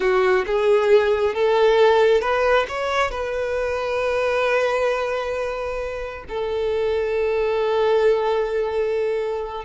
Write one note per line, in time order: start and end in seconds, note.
0.00 0.45 F#4
0.46 1.34 G#4
1.34 2.21 A4
2.21 2.66 B4
2.68 3.11 C#5
3.11 6.24 B4
6.28 9.64 A4